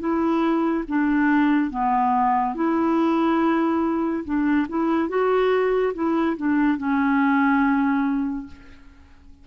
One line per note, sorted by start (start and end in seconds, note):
0.00 0.84 E4
0.88 1.71 D4
1.71 2.55 B3
2.55 4.24 E4
4.25 4.67 D4
4.69 5.09 E4
5.09 5.93 F#4
5.94 6.36 E4
6.37 6.78 D4
6.78 8.47 C#4